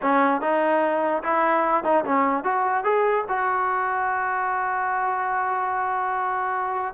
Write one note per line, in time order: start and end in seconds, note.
0.02 0.41 C#4
0.41 1.22 D#4
1.23 1.84 E4
1.84 2.04 D#4
2.04 2.44 C#4
2.44 2.84 F#4
2.84 3.24 G#4
3.28 6.94 F#4